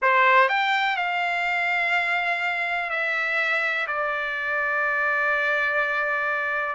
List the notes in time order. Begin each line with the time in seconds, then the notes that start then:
0.02 C5
0.48 G5
0.96 F5
2.90 E5
3.87 D5